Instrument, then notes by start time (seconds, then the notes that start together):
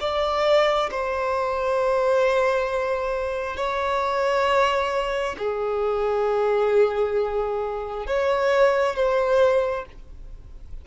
violin
0.00 D5
0.91 C5
3.56 C#5
5.38 G#4
8.06 C#5
8.96 C5